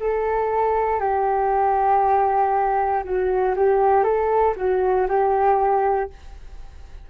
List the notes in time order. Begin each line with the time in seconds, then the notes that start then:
0.00 A4
1.00 G4
3.04 F#4
3.56 G4
4.04 A4
4.56 F#4
5.08 G4